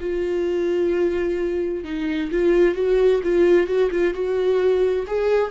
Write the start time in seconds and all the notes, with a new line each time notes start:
0.00 F4
1.84 D#4
2.31 F4
2.75 F#4
3.23 F4
3.67 F#4
3.91 F4
4.13 F#4
5.07 G#4